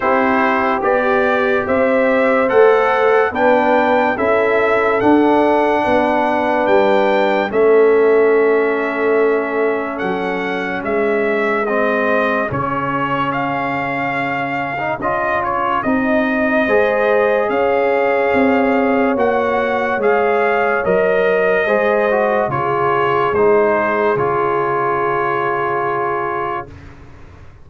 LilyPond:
<<
  \new Staff \with { instrumentName = "trumpet" } { \time 4/4 \tempo 4 = 72 c''4 d''4 e''4 fis''4 | g''4 e''4 fis''2 | g''4 e''2. | fis''4 e''4 dis''4 cis''4 |
f''2 dis''8 cis''8 dis''4~ | dis''4 f''2 fis''4 | f''4 dis''2 cis''4 | c''4 cis''2. | }
  \new Staff \with { instrumentName = "horn" } { \time 4/4 g'2 c''2 | b'4 a'2 b'4~ | b'4 a'2.~ | a'4 gis'2.~ |
gis'1 | c''4 cis''2.~ | cis''2 c''4 gis'4~ | gis'1 | }
  \new Staff \with { instrumentName = "trombone" } { \time 4/4 e'4 g'2 a'4 | d'4 e'4 d'2~ | d'4 cis'2.~ | cis'2 c'4 cis'4~ |
cis'4.~ cis'16 dis'16 f'4 dis'4 | gis'2. fis'4 | gis'4 ais'4 gis'8 fis'8 f'4 | dis'4 f'2. | }
  \new Staff \with { instrumentName = "tuba" } { \time 4/4 c'4 b4 c'4 a4 | b4 cis'4 d'4 b4 | g4 a2. | fis4 gis2 cis4~ |
cis2 cis'4 c'4 | gis4 cis'4 c'4 ais4 | gis4 fis4 gis4 cis4 | gis4 cis2. | }
>>